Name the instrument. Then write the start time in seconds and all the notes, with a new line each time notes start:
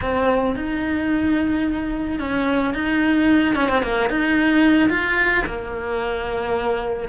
cello
0.01 C4
0.56 D#4
2.19 C#4
2.73 D#4
3.55 C#4
3.68 C4
3.82 A#3
4.09 D#4
4.89 F4
5.45 A#3